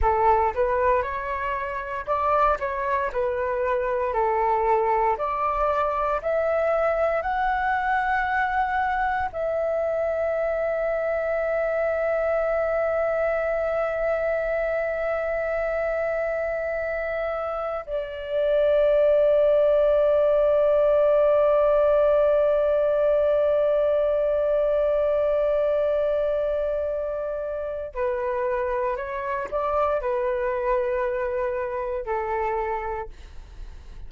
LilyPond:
\new Staff \with { instrumentName = "flute" } { \time 4/4 \tempo 4 = 58 a'8 b'8 cis''4 d''8 cis''8 b'4 | a'4 d''4 e''4 fis''4~ | fis''4 e''2.~ | e''1~ |
e''4~ e''16 d''2~ d''8.~ | d''1~ | d''2. b'4 | cis''8 d''8 b'2 a'4 | }